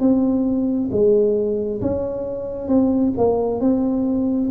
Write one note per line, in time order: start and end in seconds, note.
0.00 0.90 C4
0.92 1.82 G#3
1.82 2.69 C#4
2.69 3.13 C4
3.18 3.61 A#3
3.61 4.51 C4